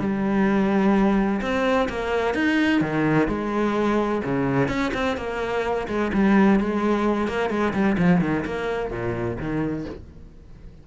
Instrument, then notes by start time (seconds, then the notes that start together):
cello
0.00 G3
1.41 C4
1.89 A#3
2.34 D#4
2.81 D#3
3.28 G#3
4.24 C#3
4.69 C#4
4.94 C4
5.17 A#3
5.88 G#3
6.14 G3
6.60 G#3
7.28 A#3
7.50 G#3
7.73 G3
7.98 F3
8.21 D#3
8.46 A#3
8.91 A#2
9.39 D#3